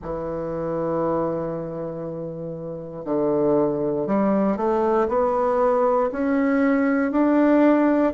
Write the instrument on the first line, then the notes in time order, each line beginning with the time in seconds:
bassoon
0.02 E3
3.05 D3
4.07 G3
4.56 A3
5.08 B3
6.12 C#4
7.11 D4